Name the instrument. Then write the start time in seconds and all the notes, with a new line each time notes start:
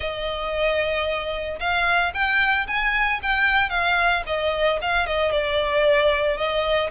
violin
0.00 D#5
1.59 F5
2.14 G5
2.67 G#5
3.22 G5
3.69 F5
4.26 D#5
4.81 F5
5.06 D#5
5.31 D5
6.37 D#5